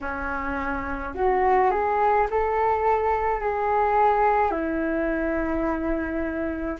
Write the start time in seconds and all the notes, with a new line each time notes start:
0.01 C#4
1.14 F#4
1.70 G#4
2.30 A4
3.40 G#4
4.51 E4